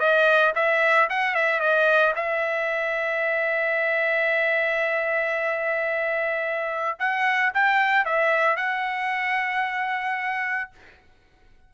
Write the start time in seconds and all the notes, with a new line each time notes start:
0.00 D#5
0.55 E5
1.10 F#5
1.35 E5
1.60 D#5
2.16 E5
6.99 F#5
7.54 G5
8.05 E5
8.56 F#5